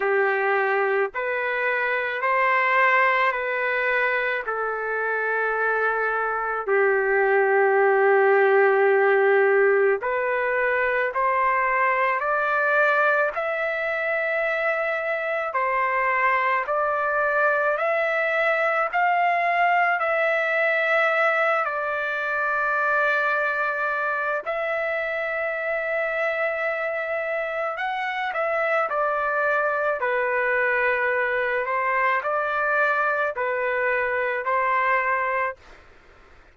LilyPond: \new Staff \with { instrumentName = "trumpet" } { \time 4/4 \tempo 4 = 54 g'4 b'4 c''4 b'4 | a'2 g'2~ | g'4 b'4 c''4 d''4 | e''2 c''4 d''4 |
e''4 f''4 e''4. d''8~ | d''2 e''2~ | e''4 fis''8 e''8 d''4 b'4~ | b'8 c''8 d''4 b'4 c''4 | }